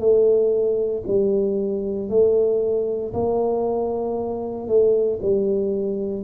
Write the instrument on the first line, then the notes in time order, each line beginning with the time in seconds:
tuba
0.00 A3
1.08 G3
2.10 A3
3.13 A#3
4.68 A3
5.22 G3